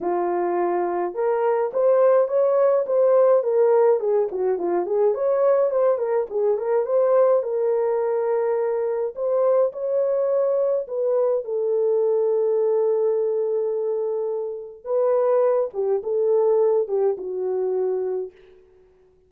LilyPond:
\new Staff \with { instrumentName = "horn" } { \time 4/4 \tempo 4 = 105 f'2 ais'4 c''4 | cis''4 c''4 ais'4 gis'8 fis'8 | f'8 gis'8 cis''4 c''8 ais'8 gis'8 ais'8 | c''4 ais'2. |
c''4 cis''2 b'4 | a'1~ | a'2 b'4. g'8 | a'4. g'8 fis'2 | }